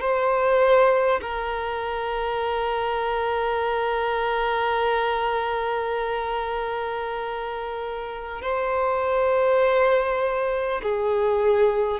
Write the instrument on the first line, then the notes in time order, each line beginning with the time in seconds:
violin
0.00 C5
1.21 A#4
8.41 C5
10.82 G#4